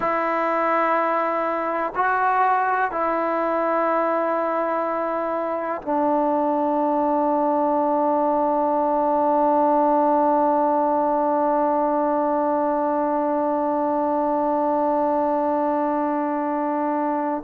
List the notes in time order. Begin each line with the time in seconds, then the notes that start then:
0.00 E4
1.95 F#4
2.91 E4
5.82 D4